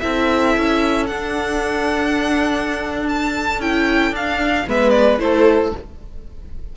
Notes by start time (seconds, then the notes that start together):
0.00 C4 E4 A4 E5
0.57 C#4
1.07 D4 F#5
3.09 A5
3.59 C#4 E4 G5
4.12 D4 F5
4.67 G#3 B3 B4 E5
4.90 D5
5.19 A3 E4 A4 C5